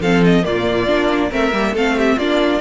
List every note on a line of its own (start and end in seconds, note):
0.00 0.43 F3
0.00 0.43 C4
0.00 0.44 A4
0.00 0.24 F5
0.24 0.45 D#5
0.43 0.88 A#2
0.43 0.86 A#3
0.43 1.30 F4
0.43 1.32 D5
0.87 1.32 A#3
0.87 1.30 D4
1.30 1.52 A3
1.30 1.52 C4
1.30 1.73 A#4
1.30 1.76 E5
1.52 1.73 G3
1.52 1.75 A#3
1.73 2.16 A3
1.73 2.20 C4
1.73 1.95 A4
1.73 1.98 F5
1.97 2.17 G4
1.97 2.18 E5
2.17 2.60 A#3
2.17 2.61 D4
2.17 2.60 F4
2.17 2.61 D5